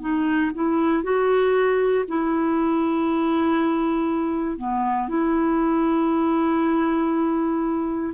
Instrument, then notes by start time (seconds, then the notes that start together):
clarinet
0.00 D#4
0.54 E4
1.03 F#4
2.08 E4
4.57 B3
5.08 E4